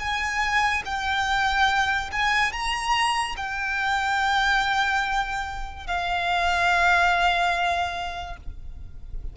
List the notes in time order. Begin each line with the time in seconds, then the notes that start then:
0.00 G#5
0.86 G5
2.12 G#5
2.53 A#5
3.37 G5
5.87 F5